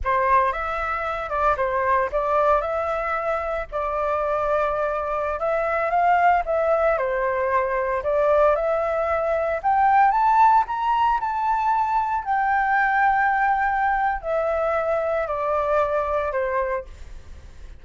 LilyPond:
\new Staff \with { instrumentName = "flute" } { \time 4/4 \tempo 4 = 114 c''4 e''4. d''8 c''4 | d''4 e''2 d''4~ | d''2~ d''16 e''4 f''8.~ | f''16 e''4 c''2 d''8.~ |
d''16 e''2 g''4 a''8.~ | a''16 ais''4 a''2 g''8.~ | g''2. e''4~ | e''4 d''2 c''4 | }